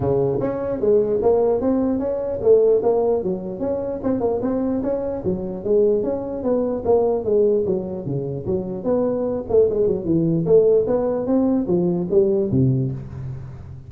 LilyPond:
\new Staff \with { instrumentName = "tuba" } { \time 4/4 \tempo 4 = 149 cis4 cis'4 gis4 ais4 | c'4 cis'4 a4 ais4 | fis4 cis'4 c'8 ais8 c'4 | cis'4 fis4 gis4 cis'4 |
b4 ais4 gis4 fis4 | cis4 fis4 b4. a8 | gis8 fis8 e4 a4 b4 | c'4 f4 g4 c4 | }